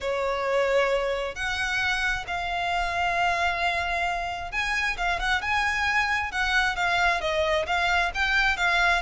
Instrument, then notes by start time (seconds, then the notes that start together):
violin
0.00 C#5
1.35 F#5
2.27 F5
4.51 G#5
4.97 F5
5.19 F#5
5.41 G#5
6.31 F#5
6.75 F5
7.21 D#5
7.66 F5
8.14 G5
8.57 F5